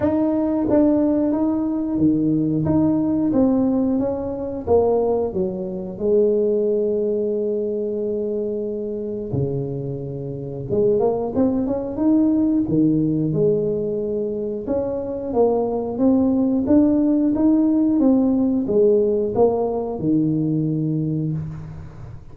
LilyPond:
\new Staff \with { instrumentName = "tuba" } { \time 4/4 \tempo 4 = 90 dis'4 d'4 dis'4 dis4 | dis'4 c'4 cis'4 ais4 | fis4 gis2.~ | gis2 cis2 |
gis8 ais8 c'8 cis'8 dis'4 dis4 | gis2 cis'4 ais4 | c'4 d'4 dis'4 c'4 | gis4 ais4 dis2 | }